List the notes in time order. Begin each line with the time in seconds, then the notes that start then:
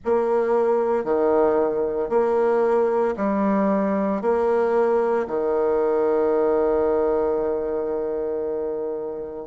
0.04 A#3
1.04 D#3
2.09 A#3
3.16 G3
4.21 A#3
5.27 D#3